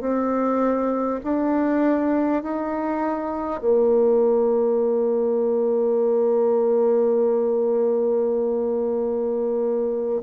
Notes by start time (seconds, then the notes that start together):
0.00 C4
1.23 D4
2.42 D#4
3.61 A#3